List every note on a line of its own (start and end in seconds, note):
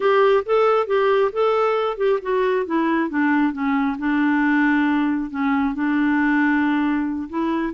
0.00 0.44 G4
0.45 0.87 A4
0.87 1.31 G4
1.32 1.97 A4
1.97 2.19 G4
2.22 2.66 F#4
2.66 3.09 E4
3.09 3.52 D4
3.52 3.96 C#4
3.98 5.30 D4
5.30 5.74 C#4
5.74 7.28 D4
7.29 7.73 E4